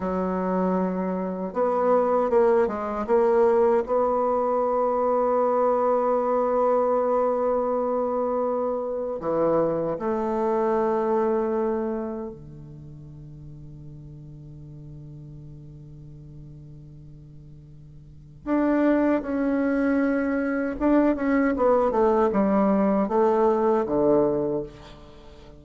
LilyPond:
\new Staff \with { instrumentName = "bassoon" } { \time 4/4 \tempo 4 = 78 fis2 b4 ais8 gis8 | ais4 b2.~ | b1 | e4 a2. |
d1~ | d1 | d'4 cis'2 d'8 cis'8 | b8 a8 g4 a4 d4 | }